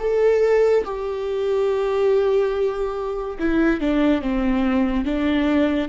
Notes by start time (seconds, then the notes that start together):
0.00 A4
0.85 G4
3.39 E4
3.81 D4
4.22 C4
5.05 D4